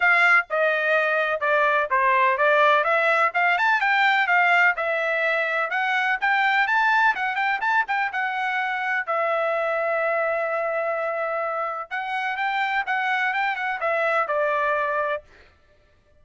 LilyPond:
\new Staff \with { instrumentName = "trumpet" } { \time 4/4 \tempo 4 = 126 f''4 dis''2 d''4 | c''4 d''4 e''4 f''8 a''8 | g''4 f''4 e''2 | fis''4 g''4 a''4 fis''8 g''8 |
a''8 g''8 fis''2 e''4~ | e''1~ | e''4 fis''4 g''4 fis''4 | g''8 fis''8 e''4 d''2 | }